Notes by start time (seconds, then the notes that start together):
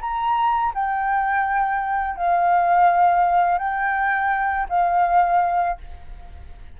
0.00 A#5
0.74 G5
2.16 F5
3.58 G5
4.69 F5